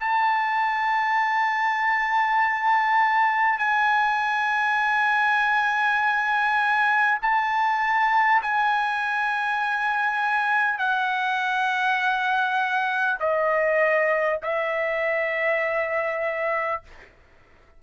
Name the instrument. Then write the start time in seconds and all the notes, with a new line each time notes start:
trumpet
0.00 A5
3.58 G#5
7.22 A5
8.42 G#5
10.79 F#5
13.19 D#5
14.43 E5